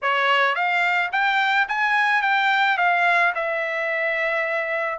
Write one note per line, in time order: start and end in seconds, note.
0.02 0.55 C#5
0.55 1.10 F5
1.12 1.67 G5
1.68 2.22 G#5
2.22 2.77 G5
2.77 3.33 F5
3.34 4.98 E5